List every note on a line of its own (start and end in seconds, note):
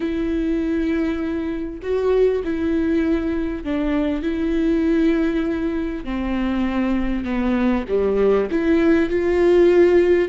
0.00 1.79 E4
1.82 2.42 F#4
2.44 3.64 E4
3.64 4.22 D4
4.22 6.04 E4
6.04 7.24 C4
7.24 7.85 B3
7.88 8.48 G3
8.50 9.09 E4
9.09 10.28 F4